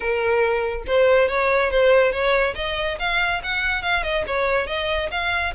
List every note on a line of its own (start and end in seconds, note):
0.00 0.84 A#4
0.86 1.28 C5
1.28 1.70 C#5
1.70 2.11 C5
2.11 2.54 C#5
2.55 2.97 D#5
2.99 3.41 F5
3.43 3.82 F#5
3.82 4.03 F5
4.03 4.24 D#5
4.27 4.67 C#5
4.67 5.09 D#5
5.11 5.53 F5